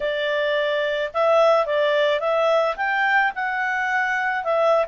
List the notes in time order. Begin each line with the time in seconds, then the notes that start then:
0.00 D5
1.13 E5
1.66 D5
2.20 E5
2.76 G5
3.35 F#5
4.44 E5